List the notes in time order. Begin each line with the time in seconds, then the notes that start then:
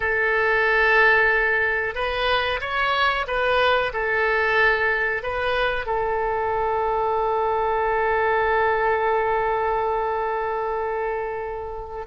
0.00 A4
1.94 B4
2.61 C#5
3.27 B4
3.93 A4
5.22 B4
5.85 A4